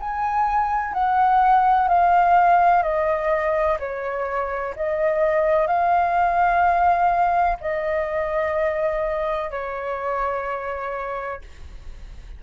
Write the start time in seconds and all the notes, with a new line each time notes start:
0.00 G#5
0.94 F#5
1.88 F5
2.83 D#5
3.79 C#5
4.76 D#5
5.67 F5
7.61 D#5
9.51 C#5